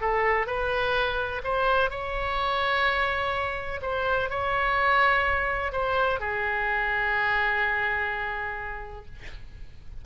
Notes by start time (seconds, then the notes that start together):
0.00 A4
0.46 B4
1.43 C5
1.90 C#5
3.82 C5
4.29 C#5
5.72 C5
6.19 G#4